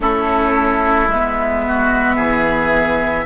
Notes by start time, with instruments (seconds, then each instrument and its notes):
0.00 bassoon A3, viola C#4, oboe E4, flute A4
1.07 bassoon G#3, viola B3, flute E5
1.67 oboe F#4
2.16 bassoon E3, oboe G#4